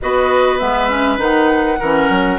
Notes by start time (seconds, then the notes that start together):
0.01 B3 F#4 B4 D#5
0.58 G#3 B3 E5
0.89 C#4
1.18 D#3 D#4 F#5
1.79 E3 C#4 A#4
2.09 F#3